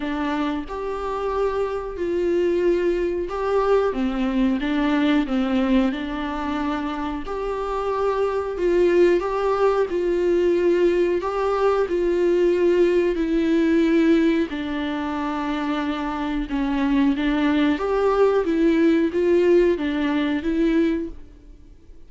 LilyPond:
\new Staff \with { instrumentName = "viola" } { \time 4/4 \tempo 4 = 91 d'4 g'2 f'4~ | f'4 g'4 c'4 d'4 | c'4 d'2 g'4~ | g'4 f'4 g'4 f'4~ |
f'4 g'4 f'2 | e'2 d'2~ | d'4 cis'4 d'4 g'4 | e'4 f'4 d'4 e'4 | }